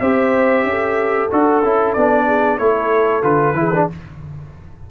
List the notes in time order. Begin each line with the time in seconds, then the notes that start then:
0.00 C4 G4 C5 E5
0.63 C#4
0.69 A4
1.30 D4 F#4 A4
1.63 C#4 E4
1.93 B3 D4 D5
2.26 G#4
2.58 A3 E4 A4 C#5
3.22 D3 F4 B4
3.53 E3 E4 G#4
3.74 D4